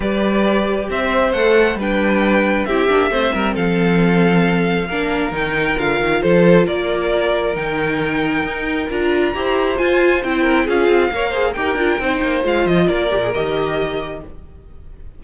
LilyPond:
<<
  \new Staff \with { instrumentName = "violin" } { \time 4/4 \tempo 4 = 135 d''2 e''4 fis''4 | g''2 e''2 | f''1 | g''4 f''4 c''4 d''4~ |
d''4 g''2. | ais''2 gis''4 g''4 | f''2 g''2 | f''8 dis''8 d''4 dis''2 | }
  \new Staff \with { instrumentName = "violin" } { \time 4/4 b'2 c''2 | b'2 g'4 c''8 ais'8 | a'2. ais'4~ | ais'2 a'4 ais'4~ |
ais'1~ | ais'4 c''2~ c''8 ais'8 | gis'4 cis''8 c''8 ais'4 c''4~ | c''4 ais'2. | }
  \new Staff \with { instrumentName = "viola" } { \time 4/4 g'2. a'4 | d'2 e'8 d'8 c'4~ | c'2. d'4 | dis'4 f'2.~ |
f'4 dis'2. | f'4 g'4 f'4 e'4 | f'4 ais'8 gis'8 g'8 f'8 dis'4 | f'4. g'16 gis'16 g'2 | }
  \new Staff \with { instrumentName = "cello" } { \time 4/4 g2 c'4 a4 | g2 c'8 ais8 a8 g8 | f2. ais4 | dis4 d8 dis8 f4 ais4~ |
ais4 dis2 dis'4 | d'4 e'4 f'4 c'4 | cis'8 c'8 ais4 dis'8 d'8 c'8 ais8 | gis8 f8 ais8 ais,8 dis2 | }
>>